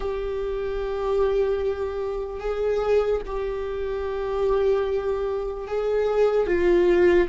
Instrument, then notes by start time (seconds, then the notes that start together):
viola
0.00 G4
2.40 G#4
3.26 G4
5.67 G#4
6.46 F4